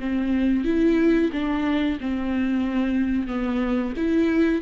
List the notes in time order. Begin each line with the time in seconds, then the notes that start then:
0.00 C4
0.65 E4
1.33 D4
2.01 C4
3.28 B3
3.97 E4